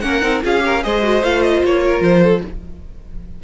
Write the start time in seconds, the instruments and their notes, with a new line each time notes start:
0.00 cello A#3, viola C#4, violin A#4 F#5
0.21 cello C4, viola D#4
0.42 cello C#4, viola F4, violin G#4 F5
0.60 viola G4, violin A#4
0.83 cello G#3, viola G#4, violin C5 D#5
1.03 viola F#4
1.22 cello A3, viola F4, violin F5
1.42 violin D#5
1.64 cello A#3, violin C#5
1.86 violin A#4
2.00 cello F3, violin C5
2.23 violin A4